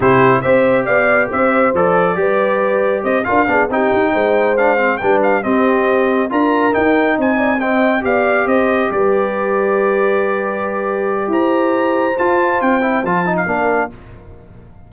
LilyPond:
<<
  \new Staff \with { instrumentName = "trumpet" } { \time 4/4 \tempo 4 = 138 c''4 e''4 f''4 e''4 | d''2. dis''8 f''8~ | f''8 g''2 f''4 g''8 | f''8 dis''2 ais''4 g''8~ |
g''8 gis''4 g''4 f''4 dis''8~ | dis''8 d''2.~ d''8~ | d''2 ais''2 | a''4 g''4 a''8. f''4~ f''16 | }
  \new Staff \with { instrumentName = "horn" } { \time 4/4 g'4 c''4 d''4 c''4~ | c''4 b'2 c''8 ais'8 | gis'8 g'4 c''2 b'8~ | b'8 g'2 ais'4.~ |
ais'8 c''8 d''8 dis''4 d''4 c''8~ | c''8 b'2.~ b'8~ | b'2 c''2~ | c''2. ais'4 | }
  \new Staff \with { instrumentName = "trombone" } { \time 4/4 e'4 g'2. | a'4 g'2~ g'8 f'8 | d'8 dis'2 d'8 c'8 d'8~ | d'8 c'2 f'4 dis'8~ |
dis'4. c'4 g'4.~ | g'1~ | g'1 | f'4. e'8 f'8 dis'8 d'4 | }
  \new Staff \with { instrumentName = "tuba" } { \time 4/4 c4 c'4 b4 c'4 | f4 g2 c'8 d'8 | b8 c'8 dis'8 gis2 g8~ | g8 c'2 d'4 dis'8~ |
dis'8 c'2 b4 c'8~ | c'8 g2.~ g8~ | g2 e'2 | f'4 c'4 f4 ais4 | }
>>